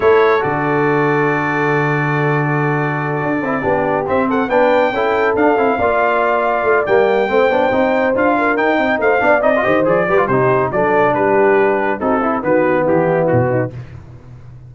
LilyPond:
<<
  \new Staff \with { instrumentName = "trumpet" } { \time 4/4 \tempo 4 = 140 cis''4 d''2.~ | d''1~ | d''4. e''8 fis''8 g''4.~ | g''8 f''2.~ f''8 |
g''2. f''4 | g''4 f''4 dis''4 d''4 | c''4 d''4 b'2 | a'4 b'4 g'4 fis'4 | }
  \new Staff \with { instrumentName = "horn" } { \time 4/4 a'1~ | a'1~ | a'8 g'4. a'8 b'4 a'8~ | a'4. d''2~ d''8~ |
d''4 c''2~ c''8 ais'8~ | ais'8 dis''8 c''8 d''4 c''4 b'8 | g'4 a'4 g'2 | fis'8 e'8 fis'4 e'4. dis'8 | }
  \new Staff \with { instrumentName = "trombone" } { \time 4/4 e'4 fis'2.~ | fis'1 | e'8 d'4 c'4 d'4 e'8~ | e'8 d'8 e'8 f'2~ f'8 |
ais4 c'8 d'8 dis'4 f'4 | dis'4. d'8 dis'16 f'16 g'8 gis'8 g'16 f'16 | dis'4 d'2. | dis'8 e'8 b2. | }
  \new Staff \with { instrumentName = "tuba" } { \time 4/4 a4 d2.~ | d2.~ d8 d'8 | c'8 b4 c'4 b4 cis'8~ | cis'8 d'8 c'8 ais2 a8 |
g4 a8 b8 c'4 d'4 | dis'8 c'8 a8 b8 c'8 dis8 f8 g8 | c4 fis4 g2 | c'4 dis4 e4 b,4 | }
>>